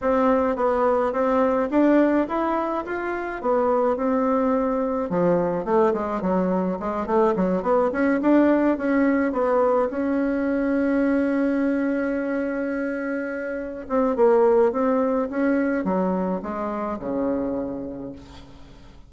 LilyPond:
\new Staff \with { instrumentName = "bassoon" } { \time 4/4 \tempo 4 = 106 c'4 b4 c'4 d'4 | e'4 f'4 b4 c'4~ | c'4 f4 a8 gis8 fis4 | gis8 a8 fis8 b8 cis'8 d'4 cis'8~ |
cis'8 b4 cis'2~ cis'8~ | cis'1~ | cis'8 c'8 ais4 c'4 cis'4 | fis4 gis4 cis2 | }